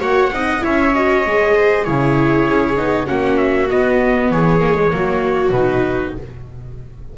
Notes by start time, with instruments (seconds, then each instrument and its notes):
0.00 double bass A#3, viola F#4 C#5, trumpet F#5
0.31 double bass C4, viola D#4 D#5
0.60 double bass C#4, viola E4 C#5, trumpet E5
0.95 viola F#4, trumpet D#5
1.26 double bass G#3, viola G#4
1.55 viola C5
1.84 double bass C#3, viola E4 G#4, trumpet C#5
2.49 double bass C#4
2.76 double bass B3, viola D#4
3.06 double bass A#3, viola C#4 F#4, trumpet F#5
3.37 trumpet E5
3.70 viola B3, double bass B3, trumpet D#5
4.30 double bass E3, viola G#4, trumpet C#5
4.60 viola A#3
4.75 viola G#3
4.91 double bass F#3, viola A#3 F#4
5.51 double bass B2, viola D#4, trumpet B4